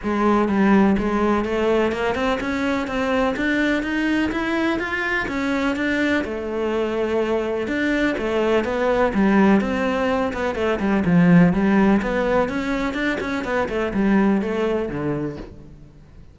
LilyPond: \new Staff \with { instrumentName = "cello" } { \time 4/4 \tempo 4 = 125 gis4 g4 gis4 a4 | ais8 c'8 cis'4 c'4 d'4 | dis'4 e'4 f'4 cis'4 | d'4 a2. |
d'4 a4 b4 g4 | c'4. b8 a8 g8 f4 | g4 b4 cis'4 d'8 cis'8 | b8 a8 g4 a4 d4 | }